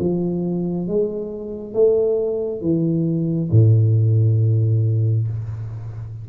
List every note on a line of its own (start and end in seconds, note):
0.00 0.88 F3
0.88 1.74 G#3
1.74 2.61 A3
2.61 3.50 E3
3.52 5.28 A2